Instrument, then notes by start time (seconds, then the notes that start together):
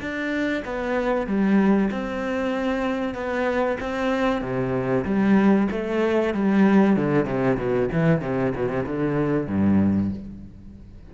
cello
0.00 D4
0.65 B3
1.26 G3
1.91 C4
3.14 B3
3.80 C4
4.41 C3
5.04 G3
5.71 A3
6.34 G3
6.96 D3
7.25 C3
7.57 B2
7.92 E3
8.21 C3
8.55 B2
8.69 C3
8.86 D3
9.47 G2